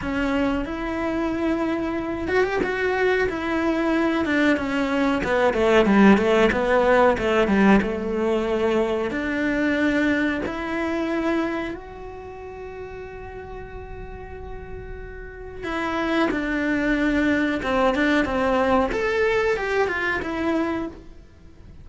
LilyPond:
\new Staff \with { instrumentName = "cello" } { \time 4/4 \tempo 4 = 92 cis'4 e'2~ e'8 fis'16 g'16 | fis'4 e'4. d'8 cis'4 | b8 a8 g8 a8 b4 a8 g8 | a2 d'2 |
e'2 fis'2~ | fis'1 | e'4 d'2 c'8 d'8 | c'4 a'4 g'8 f'8 e'4 | }